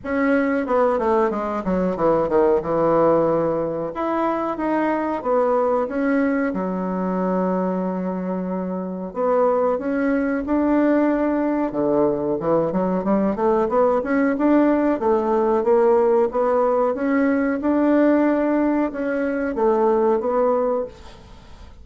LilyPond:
\new Staff \with { instrumentName = "bassoon" } { \time 4/4 \tempo 4 = 92 cis'4 b8 a8 gis8 fis8 e8 dis8 | e2 e'4 dis'4 | b4 cis'4 fis2~ | fis2 b4 cis'4 |
d'2 d4 e8 fis8 | g8 a8 b8 cis'8 d'4 a4 | ais4 b4 cis'4 d'4~ | d'4 cis'4 a4 b4 | }